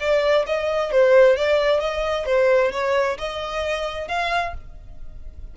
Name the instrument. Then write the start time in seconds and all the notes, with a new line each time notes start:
violin
0.00 D5
0.46 D#5
0.92 C5
1.37 D5
1.80 D#5
2.26 C5
2.72 C#5
3.18 D#5
4.08 F5